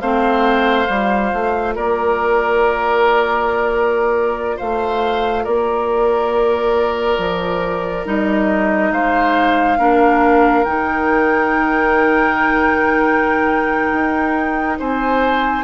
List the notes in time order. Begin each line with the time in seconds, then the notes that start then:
0.00 A3 C4 C5 F5
0.85 G3 F4
1.33 A3
1.75 A#3 A#4 D5
4.56 A3 C5 F5
5.43 A#3 A#4 D5
7.18 F3
8.05 G3 D#4 D#5
8.91 G#3 C5 F5
9.78 A#3 D4 A#4
10.64 D#3 D#4 G5
13.92 D#4
14.79 C4 C5 G#5